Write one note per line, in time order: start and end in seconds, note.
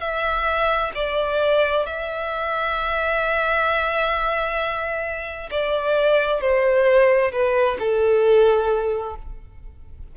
0.00 0.91 E5
0.95 1.86 D5
1.86 5.49 E5
5.51 6.40 D5
6.40 7.31 C5
7.31 7.77 B4
7.79 9.15 A4